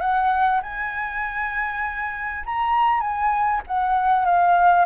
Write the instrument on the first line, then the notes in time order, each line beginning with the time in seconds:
flute
0.00 F#5
0.62 G#5
2.45 A#5
3.00 G#5
3.67 F#5
4.25 F5